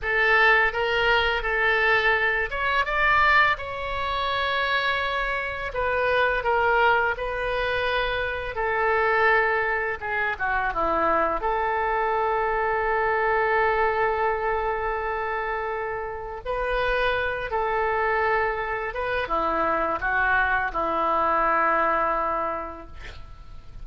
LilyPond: \new Staff \with { instrumentName = "oboe" } { \time 4/4 \tempo 4 = 84 a'4 ais'4 a'4. cis''8 | d''4 cis''2. | b'4 ais'4 b'2 | a'2 gis'8 fis'8 e'4 |
a'1~ | a'2. b'4~ | b'8 a'2 b'8 e'4 | fis'4 e'2. | }